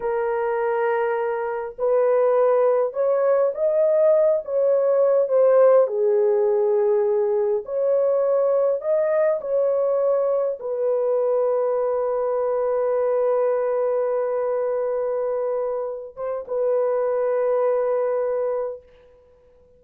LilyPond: \new Staff \with { instrumentName = "horn" } { \time 4/4 \tempo 4 = 102 ais'2. b'4~ | b'4 cis''4 dis''4. cis''8~ | cis''4 c''4 gis'2~ | gis'4 cis''2 dis''4 |
cis''2 b'2~ | b'1~ | b'2.~ b'8 c''8 | b'1 | }